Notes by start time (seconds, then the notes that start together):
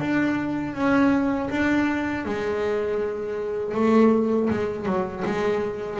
0.00 D4
0.74 C#4
1.50 D4
2.25 G#3
3.74 A3
4.50 G#3
4.85 F#3
5.25 G#3